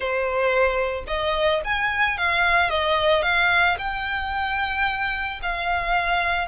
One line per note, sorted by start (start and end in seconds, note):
0.00 1.04 C5
1.07 1.61 D#5
1.64 2.17 G#5
2.17 2.69 F5
2.69 3.22 D#5
3.22 3.76 F5
3.78 5.40 G5
5.42 6.47 F5